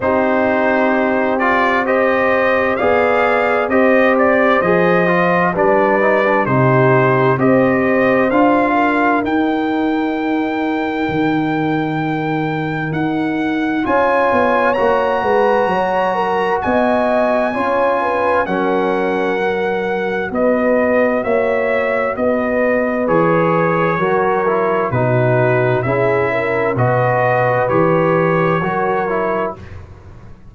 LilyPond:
<<
  \new Staff \with { instrumentName = "trumpet" } { \time 4/4 \tempo 4 = 65 c''4. d''8 dis''4 f''4 | dis''8 d''8 dis''4 d''4 c''4 | dis''4 f''4 g''2~ | g''2 fis''4 gis''4 |
ais''2 gis''2 | fis''2 dis''4 e''4 | dis''4 cis''2 b'4 | e''4 dis''4 cis''2 | }
  \new Staff \with { instrumentName = "horn" } { \time 4/4 g'2 c''4 d''4 | c''2 b'4 g'4 | c''4. ais'2~ ais'8~ | ais'2. cis''4~ |
cis''8 b'8 cis''8 ais'8 dis''4 cis''8 b'8 | ais'2 b'4 cis''4 | b'2 ais'4 fis'4 | gis'8 ais'8 b'2 ais'4 | }
  \new Staff \with { instrumentName = "trombone" } { \time 4/4 dis'4. f'8 g'4 gis'4 | g'4 gis'8 f'8 d'8 dis'16 d'16 dis'4 | g'4 f'4 dis'2~ | dis'2. f'4 |
fis'2. f'4 | cis'4 fis'2.~ | fis'4 gis'4 fis'8 e'8 dis'4 | e'4 fis'4 g'4 fis'8 e'8 | }
  \new Staff \with { instrumentName = "tuba" } { \time 4/4 c'2. b4 | c'4 f4 g4 c4 | c'4 d'4 dis'2 | dis2 dis'4 cis'8 b8 |
ais8 gis8 fis4 b4 cis'4 | fis2 b4 ais4 | b4 e4 fis4 b,4 | cis'4 b,4 e4 fis4 | }
>>